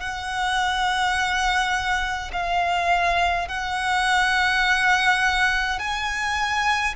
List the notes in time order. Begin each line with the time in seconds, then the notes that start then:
0.00 F#5
2.33 F5
3.49 F#5
5.80 G#5